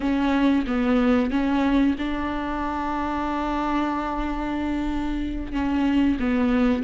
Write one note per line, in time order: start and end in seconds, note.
0.00 0.65 C#4
0.66 1.30 B3
1.30 1.96 C#4
1.98 5.52 D4
5.52 6.17 C#4
6.19 6.83 B3